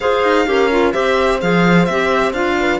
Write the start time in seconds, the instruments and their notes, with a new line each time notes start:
0.00 cello F4, clarinet G#4, horn C5, violin F5
0.23 cello D#4
0.46 cello C#4, clarinet G4, horn A#4
0.71 clarinet F4
0.92 cello C4, clarinet G4, horn C5, violin E5
1.40 cello F3, clarinet G#4, violin F5
1.85 cello C4, clarinet G4, violin E5
2.32 cello D4, clarinet F4, violin F5
2.60 horn B4